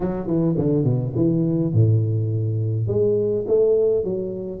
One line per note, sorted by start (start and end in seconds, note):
0.00 0.26 F#3
0.26 0.55 E3
0.57 0.84 D3
0.84 1.12 B2
1.15 1.73 E3
1.73 2.87 A2
2.87 3.45 G#3
3.47 4.04 A3
4.04 4.60 F#3